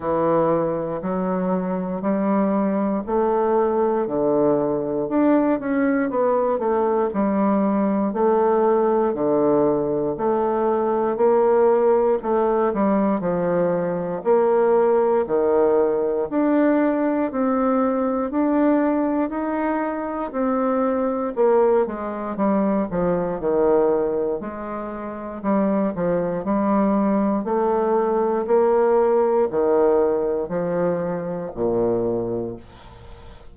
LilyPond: \new Staff \with { instrumentName = "bassoon" } { \time 4/4 \tempo 4 = 59 e4 fis4 g4 a4 | d4 d'8 cis'8 b8 a8 g4 | a4 d4 a4 ais4 | a8 g8 f4 ais4 dis4 |
d'4 c'4 d'4 dis'4 | c'4 ais8 gis8 g8 f8 dis4 | gis4 g8 f8 g4 a4 | ais4 dis4 f4 ais,4 | }